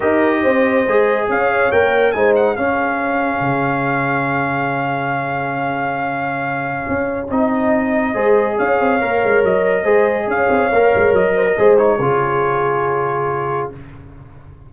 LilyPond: <<
  \new Staff \with { instrumentName = "trumpet" } { \time 4/4 \tempo 4 = 140 dis''2. f''4 | g''4 gis''8 fis''8 f''2~ | f''1~ | f''1~ |
f''4 dis''2. | f''2 dis''2 | f''2 dis''4. cis''8~ | cis''1 | }
  \new Staff \with { instrumentName = "horn" } { \time 4/4 ais'4 c''2 cis''4~ | cis''4 c''4 gis'2~ | gis'1~ | gis'1~ |
gis'2. c''4 | cis''2. c''4 | cis''2~ cis''8 c''16 ais'16 c''4 | gis'1 | }
  \new Staff \with { instrumentName = "trombone" } { \time 4/4 g'2 gis'2 | ais'4 dis'4 cis'2~ | cis'1~ | cis'1~ |
cis'4 dis'2 gis'4~ | gis'4 ais'2 gis'4~ | gis'4 ais'2 gis'8 dis'8 | f'1 | }
  \new Staff \with { instrumentName = "tuba" } { \time 4/4 dis'4 c'4 gis4 cis'4 | ais4 gis4 cis'2 | cis1~ | cis1 |
cis'4 c'2 gis4 | cis'8 c'8 ais8 gis8 fis4 gis4 | cis'8 c'8 ais8 gis8 fis4 gis4 | cis1 | }
>>